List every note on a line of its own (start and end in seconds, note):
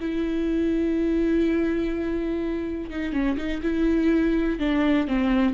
0.00 2.90 E4
2.90 3.13 D#4
3.13 3.37 C#4
3.37 3.61 D#4
3.62 4.59 E4
4.59 5.08 D4
5.08 5.54 C4